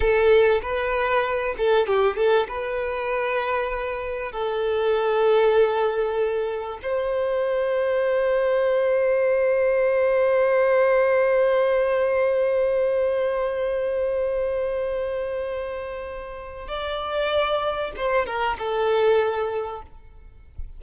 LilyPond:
\new Staff \with { instrumentName = "violin" } { \time 4/4 \tempo 4 = 97 a'4 b'4. a'8 g'8 a'8 | b'2. a'4~ | a'2. c''4~ | c''1~ |
c''1~ | c''1~ | c''2. d''4~ | d''4 c''8 ais'8 a'2 | }